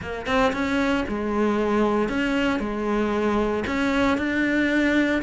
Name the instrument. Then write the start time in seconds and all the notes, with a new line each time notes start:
cello
0.01 A#3
0.26 C4
0.52 C#4
1.08 G#3
2.09 C#4
2.59 G#3
3.66 C#4
4.17 D4